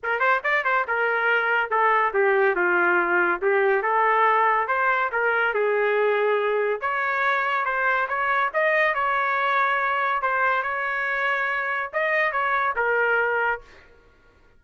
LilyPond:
\new Staff \with { instrumentName = "trumpet" } { \time 4/4 \tempo 4 = 141 ais'8 c''8 d''8 c''8 ais'2 | a'4 g'4 f'2 | g'4 a'2 c''4 | ais'4 gis'2. |
cis''2 c''4 cis''4 | dis''4 cis''2. | c''4 cis''2. | dis''4 cis''4 ais'2 | }